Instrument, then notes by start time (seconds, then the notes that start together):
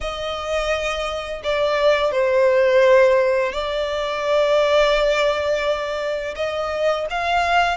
violin
0.01 D#5
1.43 D5
2.11 C5
3.52 D5
6.35 D#5
7.10 F5